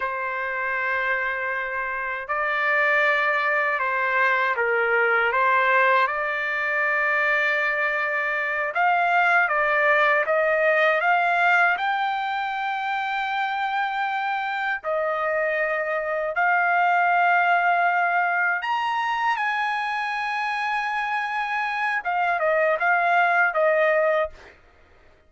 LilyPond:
\new Staff \with { instrumentName = "trumpet" } { \time 4/4 \tempo 4 = 79 c''2. d''4~ | d''4 c''4 ais'4 c''4 | d''2.~ d''8 f''8~ | f''8 d''4 dis''4 f''4 g''8~ |
g''2.~ g''8 dis''8~ | dis''4. f''2~ f''8~ | f''8 ais''4 gis''2~ gis''8~ | gis''4 f''8 dis''8 f''4 dis''4 | }